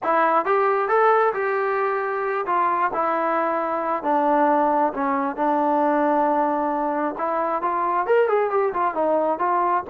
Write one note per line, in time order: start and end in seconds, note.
0.03 0.45 E4
0.45 0.88 G4
0.88 1.33 A4
1.33 2.45 G4
2.46 2.90 F4
2.93 4.03 E4
4.03 4.92 D4
4.93 5.36 C#4
5.36 7.15 D4
7.17 7.62 E4
7.62 8.06 F4
8.06 8.28 A#4
8.28 8.50 G#4
8.50 8.73 G4
8.73 8.94 F4
8.94 9.38 D#4
9.38 9.83 F4